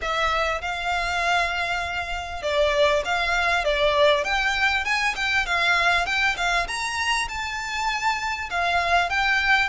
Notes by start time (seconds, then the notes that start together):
0.01 E5
0.61 F5
2.42 D5
3.04 F5
3.64 D5
4.24 G5
4.84 G#5
5.15 G5
5.46 F5
6.06 G5
6.36 F5
6.67 A#5
7.28 A5
8.50 F5
9.09 G5